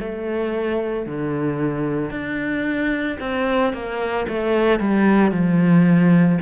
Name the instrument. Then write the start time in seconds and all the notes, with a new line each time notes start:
cello
0.00 A3
1.07 D3
2.11 D4
3.20 C4
3.74 A#3
4.29 A3
4.80 G3
5.32 F3